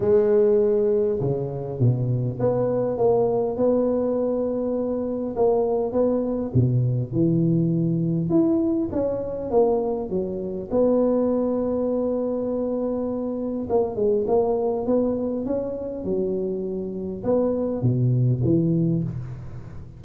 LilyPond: \new Staff \with { instrumentName = "tuba" } { \time 4/4 \tempo 4 = 101 gis2 cis4 b,4 | b4 ais4 b2~ | b4 ais4 b4 b,4 | e2 e'4 cis'4 |
ais4 fis4 b2~ | b2. ais8 gis8 | ais4 b4 cis'4 fis4~ | fis4 b4 b,4 e4 | }